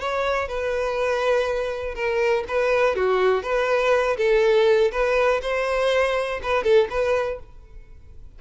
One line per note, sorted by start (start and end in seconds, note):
0.00 0.48 C#5
0.48 1.95 B4
1.95 2.44 A#4
2.48 2.96 B4
2.96 3.43 F#4
3.43 4.17 B4
4.18 4.91 A4
4.92 5.41 B4
5.42 6.40 C5
6.43 6.64 B4
6.64 6.88 A4
6.90 7.39 B4